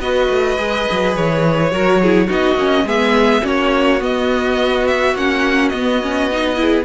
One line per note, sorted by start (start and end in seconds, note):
0.00 0.29 B3
0.00 0.58 F#4
0.00 1.72 B4
0.00 1.15 D#5
0.30 0.58 A3
0.58 0.87 G#3
0.58 1.72 G#4
0.91 1.17 F#3
1.16 1.72 E3
1.16 2.30 C#5
1.72 2.30 F#3
1.72 2.00 F#4
1.72 2.01 A#4
2.02 2.29 E4
2.02 2.28 G#4
2.28 2.55 B3
2.28 2.57 D#4
2.28 2.85 F#4
2.28 2.89 D#5
2.55 2.84 A#3
2.55 2.87 C#4
2.85 3.42 G#3
2.85 3.42 B3
2.85 3.43 G#4
2.85 3.46 E5
3.42 4.02 A#3
3.42 4.00 C#4
3.42 6.57 F#4
3.42 4.03 C#5
4.00 5.14 B3
4.00 5.15 B3
4.00 4.88 D#5
4.88 5.17 E5
5.15 5.72 A#3
5.15 5.73 C#4
5.15 5.69 F#5
5.69 6.02 B3
5.69 6.85 B3
5.69 6.84 D#5
6.02 6.31 C#4
6.32 6.56 D#4
6.56 6.85 E4
6.56 6.85 G#4